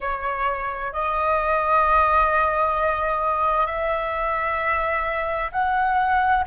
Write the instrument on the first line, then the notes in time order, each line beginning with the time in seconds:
flute
0.00 C#5
0.92 D#5
3.66 E5
5.52 F#5